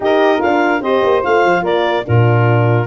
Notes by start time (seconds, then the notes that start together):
0.00 D#4 G4 A#4 D#5
0.39 D4 F4 F5
0.80 C4 G4 C5 D#5
1.01 A#3
1.21 A3 F4 F5
1.45 F3
1.62 A#3 A#4 D5
2.05 A#2 D4 F4 A#4